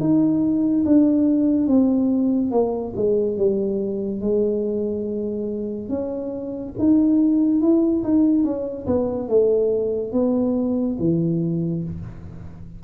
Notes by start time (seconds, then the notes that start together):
0.00 D#4
0.85 D4
1.67 C4
2.51 A#3
2.96 G#3
3.37 G3
4.21 G#3
5.89 C#4
6.78 D#4
7.61 E4
8.04 D#4
8.44 C#4
8.87 B3
9.29 A3
10.13 B3
10.99 E3